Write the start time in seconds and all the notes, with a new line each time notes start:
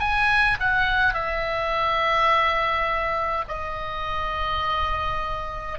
0.00 G#5
0.60 F#5
1.14 E5
3.49 D#5